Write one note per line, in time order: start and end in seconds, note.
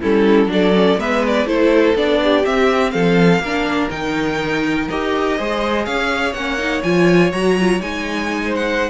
0.00 0.46 G3
0.00 0.47 C#4
0.00 0.49 E4
0.00 0.51 A4
0.46 0.95 F#3
0.46 0.72 D4
0.52 0.99 A4
0.52 1.00 D5
0.74 0.97 C#4
0.97 1.45 G#3
0.97 1.46 B3
0.97 1.47 B4
0.97 1.24 E5
1.27 1.47 D5
1.45 1.94 A3
1.45 1.95 E4
1.45 2.20 A4
1.45 1.96 C5
1.95 2.44 B3
1.95 2.44 D4
1.95 2.45 D5
2.23 2.93 G4
2.44 3.41 C4
2.44 2.94 C4
2.44 2.91 E5
2.91 3.39 F3
2.91 3.42 A4
2.91 3.88 F5
3.39 3.88 A#3
3.39 5.37 A#4
3.45 3.90 D4
3.90 4.88 D#3
3.90 4.88 D#4
3.90 4.88 G5
4.89 5.39 D#4
4.89 5.38 G4
4.89 5.85 D#5
5.37 5.86 G#3
5.37 6.35 G#4
5.37 5.86 C5
5.85 6.33 C#4
5.85 8.42 C#5
5.85 6.33 F5
6.33 6.82 A#3
6.33 6.58 C#4
6.33 6.82 F#5
6.58 6.82 D#4
6.83 7.32 F3
6.83 7.32 F4
6.83 7.31 G#5
7.32 7.80 F#3
7.32 7.56 F#4
7.32 7.81 A#5
7.60 7.79 F4
7.79 8.90 G#3
7.79 8.89 D#4
7.79 8.54 G#5
8.44 8.90 C5
8.55 8.90 F#5